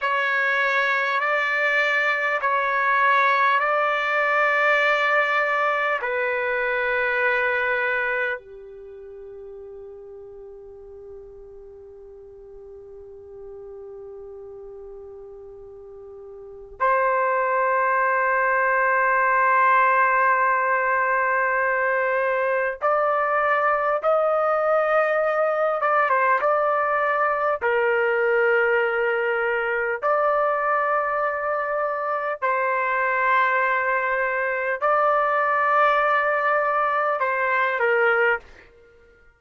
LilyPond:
\new Staff \with { instrumentName = "trumpet" } { \time 4/4 \tempo 4 = 50 cis''4 d''4 cis''4 d''4~ | d''4 b'2 g'4~ | g'1~ | g'2 c''2~ |
c''2. d''4 | dis''4. d''16 c''16 d''4 ais'4~ | ais'4 d''2 c''4~ | c''4 d''2 c''8 ais'8 | }